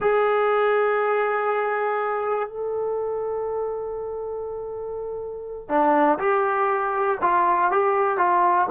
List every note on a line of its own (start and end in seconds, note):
0.00 2.48 G#4
2.48 5.68 A4
5.68 6.18 D4
6.18 7.17 G4
7.21 7.71 F4
7.71 8.17 G4
8.17 8.67 F4